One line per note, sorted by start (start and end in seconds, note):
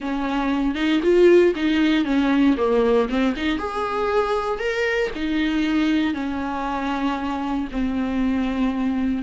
0.00 0.75 C#4
0.75 1.00 D#4
1.02 1.54 F4
1.55 2.04 D#4
2.04 2.55 C#4
2.57 3.08 A#3
3.09 3.34 C4
3.36 3.58 D#4
3.58 4.59 G#4
4.59 5.10 A#4
5.15 6.14 D#4
6.14 7.68 C#4
7.71 9.22 C4